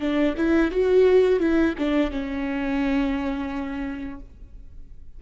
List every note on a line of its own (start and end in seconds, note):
0.00 0.35 D4
0.36 0.71 E4
0.71 1.40 F#4
1.40 1.74 E4
1.78 2.11 D4
2.11 4.20 C#4